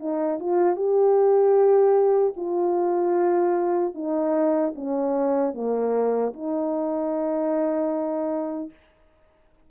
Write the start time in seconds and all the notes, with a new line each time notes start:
0.00 D#4
0.40 F4
0.76 G4
2.36 F4
3.95 D#4
4.75 C#4
5.54 A#3
6.34 D#4